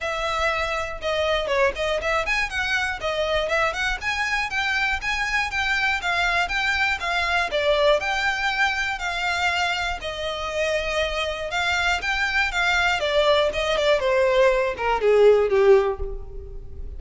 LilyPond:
\new Staff \with { instrumentName = "violin" } { \time 4/4 \tempo 4 = 120 e''2 dis''4 cis''8 dis''8 | e''8 gis''8 fis''4 dis''4 e''8 fis''8 | gis''4 g''4 gis''4 g''4 | f''4 g''4 f''4 d''4 |
g''2 f''2 | dis''2. f''4 | g''4 f''4 d''4 dis''8 d''8 | c''4. ais'8 gis'4 g'4 | }